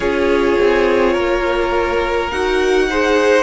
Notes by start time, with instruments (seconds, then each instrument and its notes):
0.00 cello C#4, viola F4, violin G#4 C#5
0.60 cello C4
1.13 cello A#3, violin A#4
2.30 cello D#4, viola F#4, violin F#5
2.90 viola G#4, violin C5